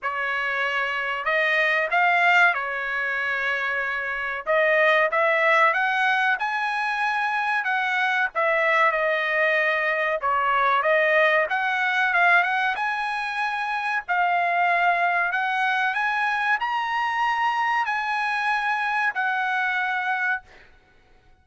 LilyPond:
\new Staff \with { instrumentName = "trumpet" } { \time 4/4 \tempo 4 = 94 cis''2 dis''4 f''4 | cis''2. dis''4 | e''4 fis''4 gis''2 | fis''4 e''4 dis''2 |
cis''4 dis''4 fis''4 f''8 fis''8 | gis''2 f''2 | fis''4 gis''4 ais''2 | gis''2 fis''2 | }